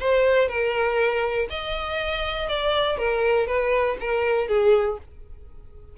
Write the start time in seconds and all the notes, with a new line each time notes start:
0.00 C5
0.48 A#4
1.50 D#5
2.49 D5
2.97 A#4
3.47 B4
4.00 A#4
4.48 G#4